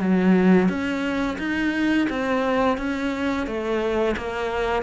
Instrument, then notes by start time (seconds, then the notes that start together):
cello
0.00 F#3
0.69 C#4
1.39 D#4
2.10 C4
2.78 C#4
3.47 A3
4.17 A#3